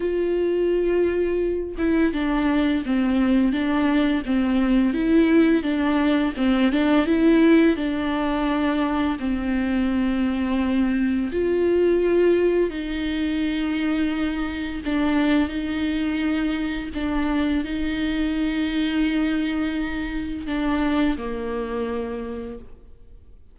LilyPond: \new Staff \with { instrumentName = "viola" } { \time 4/4 \tempo 4 = 85 f'2~ f'8 e'8 d'4 | c'4 d'4 c'4 e'4 | d'4 c'8 d'8 e'4 d'4~ | d'4 c'2. |
f'2 dis'2~ | dis'4 d'4 dis'2 | d'4 dis'2.~ | dis'4 d'4 ais2 | }